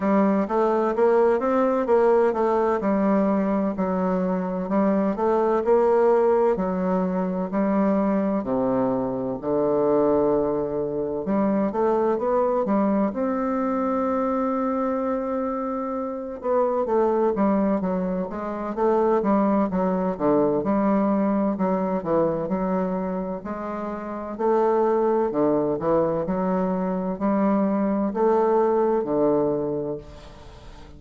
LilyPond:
\new Staff \with { instrumentName = "bassoon" } { \time 4/4 \tempo 4 = 64 g8 a8 ais8 c'8 ais8 a8 g4 | fis4 g8 a8 ais4 fis4 | g4 c4 d2 | g8 a8 b8 g8 c'2~ |
c'4. b8 a8 g8 fis8 gis8 | a8 g8 fis8 d8 g4 fis8 e8 | fis4 gis4 a4 d8 e8 | fis4 g4 a4 d4 | }